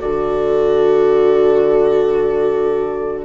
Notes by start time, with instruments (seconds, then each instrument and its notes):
0.00 bassoon D3, viola F#4, horn A4, trumpet D5